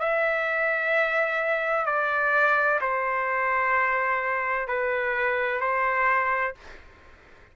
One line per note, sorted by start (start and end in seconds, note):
0.00 1.86 E5
1.86 2.80 D5
2.81 4.68 C5
4.68 5.61 B4
5.61 6.55 C5